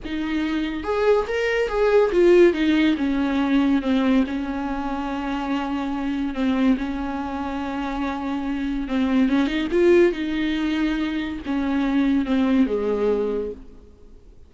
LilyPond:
\new Staff \with { instrumentName = "viola" } { \time 4/4 \tempo 4 = 142 dis'2 gis'4 ais'4 | gis'4 f'4 dis'4 cis'4~ | cis'4 c'4 cis'2~ | cis'2. c'4 |
cis'1~ | cis'4 c'4 cis'8 dis'8 f'4 | dis'2. cis'4~ | cis'4 c'4 gis2 | }